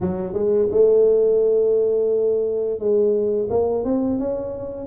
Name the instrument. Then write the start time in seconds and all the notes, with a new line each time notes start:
tuba
0.01 F#3
0.33 G#3
0.70 A3
2.79 G#3
3.49 A#3
3.84 C4
4.19 C#4